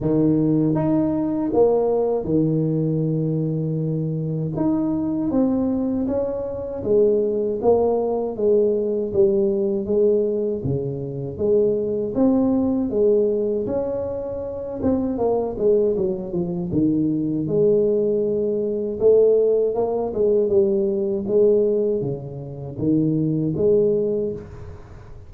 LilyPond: \new Staff \with { instrumentName = "tuba" } { \time 4/4 \tempo 4 = 79 dis4 dis'4 ais4 dis4~ | dis2 dis'4 c'4 | cis'4 gis4 ais4 gis4 | g4 gis4 cis4 gis4 |
c'4 gis4 cis'4. c'8 | ais8 gis8 fis8 f8 dis4 gis4~ | gis4 a4 ais8 gis8 g4 | gis4 cis4 dis4 gis4 | }